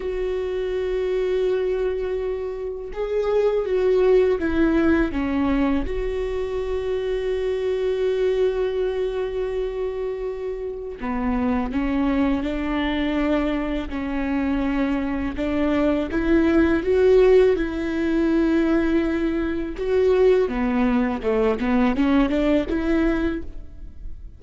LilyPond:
\new Staff \with { instrumentName = "viola" } { \time 4/4 \tempo 4 = 82 fis'1 | gis'4 fis'4 e'4 cis'4 | fis'1~ | fis'2. b4 |
cis'4 d'2 cis'4~ | cis'4 d'4 e'4 fis'4 | e'2. fis'4 | b4 a8 b8 cis'8 d'8 e'4 | }